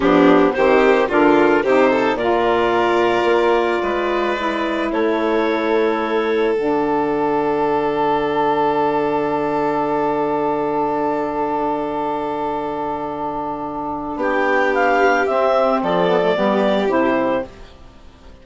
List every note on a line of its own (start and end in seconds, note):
0.00 0.53 F3
0.00 0.56 B3
0.00 0.52 D4
0.00 0.53 G4
0.53 1.09 D#3
0.53 1.09 C4
0.53 1.08 G4
0.53 1.07 C5
1.08 1.63 D3
1.08 1.64 D4
1.08 1.63 F4
1.08 1.63 A#4
1.63 2.14 C3
1.63 2.19 D#4
1.63 1.90 G4
1.63 2.17 C5
1.90 2.17 A4
2.14 3.23 A#2
2.14 4.37 F4
2.14 3.81 A#4
2.14 4.89 D5
3.23 3.78 A#3
3.82 4.91 G#3
3.82 4.91 B4
4.37 6.55 E4
4.92 6.54 A3
4.92 14.17 A4
4.92 6.54 C#5
6.54 14.16 D3
6.54 15.27 D4
6.54 14.17 F#5
14.16 15.25 B3
14.16 15.81 G4
14.16 14.74 G5
14.74 15.26 F5
15.26 16.06 C4
15.26 15.82 C4
15.26 15.80 E5
15.82 16.37 F3
15.82 16.37 A4
15.82 16.90 D5
16.06 16.20 B3
16.22 16.35 A3
16.36 16.88 G3
16.36 16.88 B3
16.36 17.46 G4
16.88 17.43 C3
16.88 17.42 E4
16.88 17.44 C5